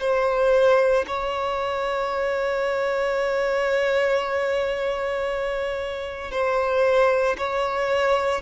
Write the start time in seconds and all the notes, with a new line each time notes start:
0.00 C5
1.07 C#5
6.31 C5
7.37 C#5